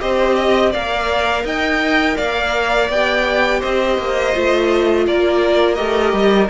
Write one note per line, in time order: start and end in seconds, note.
0.00 0.74 C4
0.00 0.72 G4
0.00 0.35 C5
0.00 0.73 D#5
0.35 0.71 D#5
0.71 1.44 A#3
0.71 2.92 A#4
0.71 1.44 D5
0.71 1.46 F5
1.44 2.16 D#4
1.44 2.16 D#5
1.44 2.17 G5
2.17 2.89 A#3
2.17 3.60 D5
2.17 2.90 F5
2.89 3.62 B3
2.89 4.34 G4
2.89 3.62 G5
3.60 3.98 C4
3.60 5.04 C5
3.60 5.06 D#5
3.98 4.34 A#3
4.34 5.07 A3
4.34 5.76 F4
5.07 5.79 A#3
5.07 6.50 A#4
5.07 5.75 D5
5.75 6.13 A3
5.75 6.48 G4
5.75 6.47 D#5
6.13 6.49 G3